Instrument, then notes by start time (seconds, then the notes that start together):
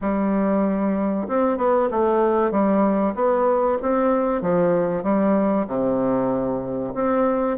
bassoon
0.01 G3
1.28 C4
1.57 B3
1.90 A3
2.51 G3
3.14 B3
3.82 C4
4.41 F3
5.03 G3
5.67 C3
6.94 C4